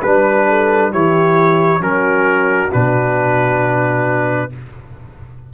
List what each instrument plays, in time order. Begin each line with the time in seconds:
0.00 tuba G3, trombone D4, horn B4, trumpet B4
0.48 horn A4
0.91 tuba E3, trombone E4, horn G4, trumpet C#5
1.80 tuba F#3, trombone C#4, horn F#4, trumpet A#4
2.70 tuba B2, trombone D4, trumpet B4